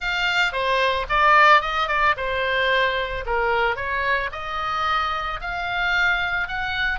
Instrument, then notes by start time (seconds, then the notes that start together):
oboe
0.00 F5
0.52 C5
1.09 D5
1.61 D#5
1.88 D5
2.16 C5
3.26 A#4
3.75 C#5
4.32 D#5
5.41 F5
6.47 F#5